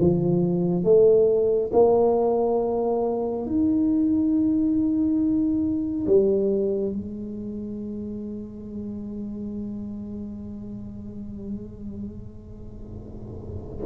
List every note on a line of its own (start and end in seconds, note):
0.00 0.84 F3
0.84 1.71 A3
1.73 3.46 A#3
3.46 6.07 D#4
6.07 6.92 G3
6.92 13.86 G#3